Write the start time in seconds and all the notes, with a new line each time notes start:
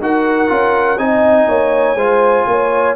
0.00 D#4 F#4 A#4 F#5
0.47 C#4 F4
0.97 C4 D#4 D#5 G#5
1.48 A#3 C#5
1.94 G#3 F4 C5
2.46 A#3 C#5